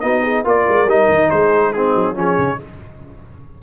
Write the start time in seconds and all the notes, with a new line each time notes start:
0.00 B3 D#4 F#4 D#5
0.22 G#4
0.44 A#3 F4 A#4 D5
0.68 G#3
0.86 G3 D#4 D#5
1.09 D#3
1.29 G#3 G#4 C5
1.73 C4 D#4 G#4
1.95 F#3
2.14 F3 C#4 G#4 C#5
2.38 C#3